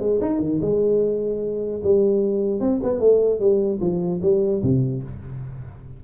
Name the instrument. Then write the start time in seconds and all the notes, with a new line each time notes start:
tuba
0.00 G#3
0.21 D#4
0.40 D#3
0.62 G#3
1.84 G3
2.61 C4
2.83 B3
3.00 A3
3.40 G3
3.81 F3
4.23 G3
4.63 C3